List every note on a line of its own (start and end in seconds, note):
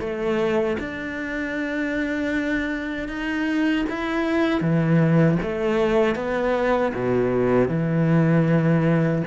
0.00 0.77 A3
0.79 3.08 D4
3.08 3.85 D#4
3.90 4.61 E4
4.61 5.38 E3
5.42 6.15 A3
6.15 6.92 B3
6.94 7.68 B2
7.68 9.22 E3